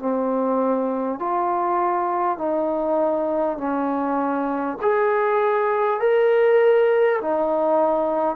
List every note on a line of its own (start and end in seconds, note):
0.00 1.19 C4
1.19 2.39 F4
2.39 3.58 D#4
3.58 4.78 C#4
4.82 6.01 G#4
6.01 7.21 A#4
7.22 8.36 D#4